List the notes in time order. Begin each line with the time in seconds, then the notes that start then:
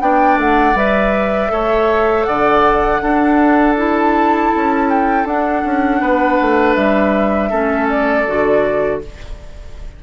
0.00 B3 D4 D5 G5
0.37 A3 F#5
0.74 G3 B4 E5
1.48 A3 A4 C#5
2.24 D3 D5 F#5
3.02 D4 A4
3.77 E4 A5
4.55 C#4
4.89 G5
5.25 D4 F#5
5.64 C#4
6.00 B3 B4
6.41 A3
6.75 G3 E5
7.50 A3 C#4 A4
7.89 D5
8.26 D3 F#4